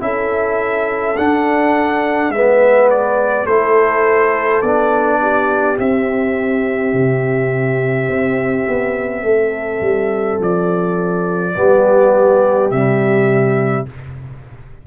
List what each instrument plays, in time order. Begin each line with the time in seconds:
0.00 tuba C#4, trombone E4, horn A4, trumpet E5
1.17 trombone D4, tuba D4, trumpet F#5
2.29 tuba G#3, trombone B3, horn B4, trumpet E5
2.90 trumpet D5
3.45 tuba A3, trombone E4, horn A4, trumpet C5
4.61 tuba B3, trombone D4, trumpet D5
5.20 horn G4
5.76 trombone C4, tuba C4, trumpet E5
6.93 tuba C3
8.09 tuba C4
8.68 tuba B3
9.22 tuba A3, horn A4
9.81 tuba G3
10.40 tuba F3, trumpet D5
11.55 tuba G3, trombone B3, horn G4
12.70 tuba C3, trombone G3, trumpet E5